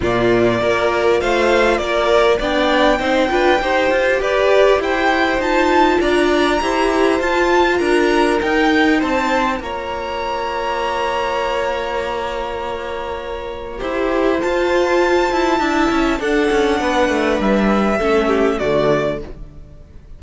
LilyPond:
<<
  \new Staff \with { instrumentName = "violin" } { \time 4/4 \tempo 4 = 100 d''2 f''4 d''4 | g''2. d''4 | g''4 a''4 ais''2 | a''4 ais''4 g''4 a''4 |
ais''1~ | ais''1 | a''2. fis''4~ | fis''4 e''2 d''4 | }
  \new Staff \with { instrumentName = "violin" } { \time 4/4 f'4 ais'4 c''4 ais'4 | d''4 c''8 b'8 c''4 b'4 | c''2 d''4 c''4~ | c''4 ais'2 c''4 |
cis''1~ | cis''2. c''4~ | c''2 e''4 a'4 | b'2 a'8 g'8 fis'4 | }
  \new Staff \with { instrumentName = "viola" } { \time 4/4 ais4 f'2. | d'4 dis'8 f'8 g'2~ | g'4 f'2 g'4 | f'2 dis'2 |
f'1~ | f'2. g'4 | f'2 e'4 d'4~ | d'2 cis'4 a4 | }
  \new Staff \with { instrumentName = "cello" } { \time 4/4 ais,4 ais4 a4 ais4 | b4 c'8 d'8 dis'8 f'8 g'4 | e'4 dis'4 d'4 e'4 | f'4 d'4 dis'4 c'4 |
ais1~ | ais2. e'4 | f'4. e'8 d'8 cis'8 d'8 cis'8 | b8 a8 g4 a4 d4 | }
>>